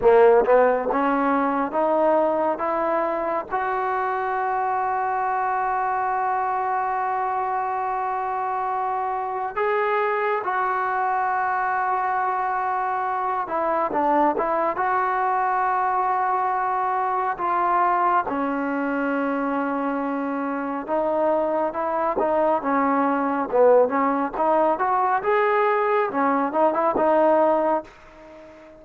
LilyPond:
\new Staff \with { instrumentName = "trombone" } { \time 4/4 \tempo 4 = 69 ais8 b8 cis'4 dis'4 e'4 | fis'1~ | fis'2. gis'4 | fis'2.~ fis'8 e'8 |
d'8 e'8 fis'2. | f'4 cis'2. | dis'4 e'8 dis'8 cis'4 b8 cis'8 | dis'8 fis'8 gis'4 cis'8 dis'16 e'16 dis'4 | }